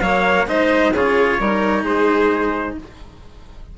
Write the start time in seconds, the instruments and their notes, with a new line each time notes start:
0.00 bassoon F#3, cello A#3, violin C#5, trumpet F5
0.46 bassoon G#3, cello D#4, violin C5, trumpet D#5
0.92 bassoon C#3, cello F4, violin G#4, trumpet C#5
1.39 bassoon G3, cello D#4, violin A#4
1.82 bassoon G#3, violin G#4, trumpet C5